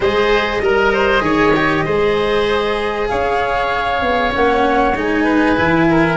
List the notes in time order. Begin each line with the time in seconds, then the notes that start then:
0.00 G#3 G#4 C5 D#5
0.61 G3 A#4
0.93 C5
1.20 D#3 G#4 C#5
1.56 G4
1.84 G#3 G#4 C5
3.08 C#4 C#5 F5
4.01 B3
4.31 A#3 C#4 F#5
4.95 G#3 D#4 G#5
5.24 B4
5.56 E3 E4
5.90 A#4